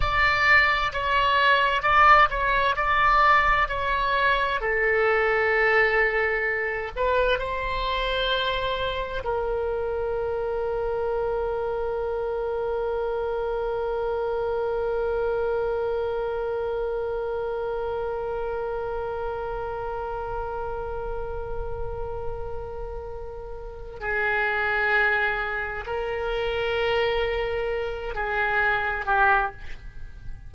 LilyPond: \new Staff \with { instrumentName = "oboe" } { \time 4/4 \tempo 4 = 65 d''4 cis''4 d''8 cis''8 d''4 | cis''4 a'2~ a'8 b'8 | c''2 ais'2~ | ais'1~ |
ais'1~ | ais'1~ | ais'2 gis'2 | ais'2~ ais'8 gis'4 g'8 | }